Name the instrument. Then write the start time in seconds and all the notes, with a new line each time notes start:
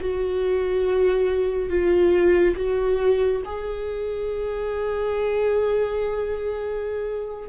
viola
0.00 F#4
1.69 F4
2.56 F#4
3.45 G#4